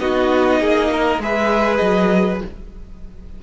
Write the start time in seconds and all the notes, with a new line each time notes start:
0.00 B3 D#4 F#4 D#5
0.60 A#3 G#4
0.92 A#4
1.19 G#3 G#4 B4 E5
1.77 F#3 D#5